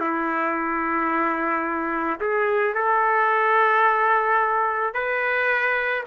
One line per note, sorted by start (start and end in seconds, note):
0.00 2.20 E4
2.20 2.74 G#4
2.74 4.94 A4
4.94 6.04 B4